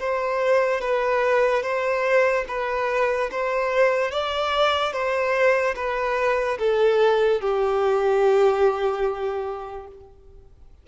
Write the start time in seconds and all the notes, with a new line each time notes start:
0.00 C5
0.81 B4
1.63 C5
2.48 B4
3.31 C5
4.11 D5
4.93 C5
5.76 B4
6.59 A4
7.41 G4